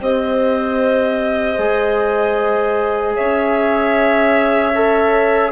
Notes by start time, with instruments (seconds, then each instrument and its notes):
0.00 bassoon C4, trombone G4, clarinet C5, violin D#5
1.58 bassoon G#3, trombone G#4
3.16 bassoon C#4, clarinet C#5, violin E5
4.75 trombone A4